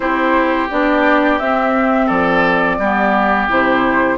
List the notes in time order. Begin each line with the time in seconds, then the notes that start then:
0.00 C4 E4 G4 C5
0.70 B3 D4 D5
1.38 C4 E5
2.06 F3 A4 D5
2.78 G3 B3 G4
3.49 C3 E4 C5